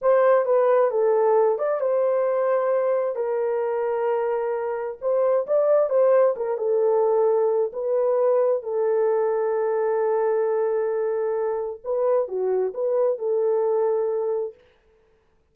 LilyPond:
\new Staff \with { instrumentName = "horn" } { \time 4/4 \tempo 4 = 132 c''4 b'4 a'4. d''8 | c''2. ais'4~ | ais'2. c''4 | d''4 c''4 ais'8 a'4.~ |
a'4 b'2 a'4~ | a'1~ | a'2 b'4 fis'4 | b'4 a'2. | }